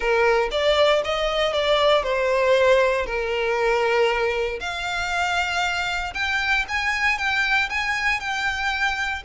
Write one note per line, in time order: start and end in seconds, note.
0.00 0.49 A#4
0.51 1.02 D5
1.04 1.53 D#5
1.53 2.03 D5
2.03 3.05 C5
3.05 4.59 A#4
4.59 6.13 F5
6.14 6.65 G5
6.68 7.17 G#5
7.17 7.69 G5
7.69 8.20 G#5
8.20 9.22 G5